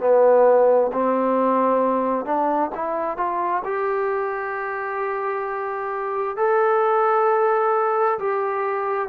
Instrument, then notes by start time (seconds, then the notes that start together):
trombone
0.00 B3
0.93 C4
2.25 D4
2.74 E4
3.17 F4
3.64 G4
6.36 A4
8.19 G4